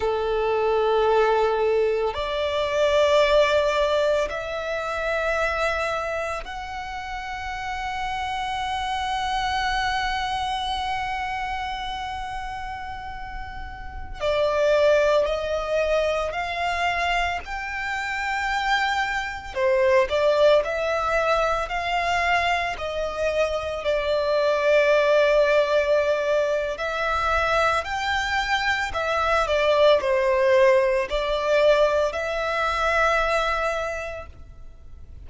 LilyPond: \new Staff \with { instrumentName = "violin" } { \time 4/4 \tempo 4 = 56 a'2 d''2 | e''2 fis''2~ | fis''1~ | fis''4~ fis''16 d''4 dis''4 f''8.~ |
f''16 g''2 c''8 d''8 e''8.~ | e''16 f''4 dis''4 d''4.~ d''16~ | d''4 e''4 g''4 e''8 d''8 | c''4 d''4 e''2 | }